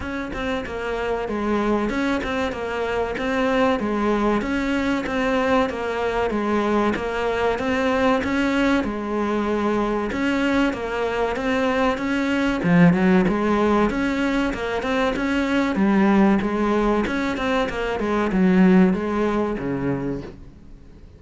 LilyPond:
\new Staff \with { instrumentName = "cello" } { \time 4/4 \tempo 4 = 95 cis'8 c'8 ais4 gis4 cis'8 c'8 | ais4 c'4 gis4 cis'4 | c'4 ais4 gis4 ais4 | c'4 cis'4 gis2 |
cis'4 ais4 c'4 cis'4 | f8 fis8 gis4 cis'4 ais8 c'8 | cis'4 g4 gis4 cis'8 c'8 | ais8 gis8 fis4 gis4 cis4 | }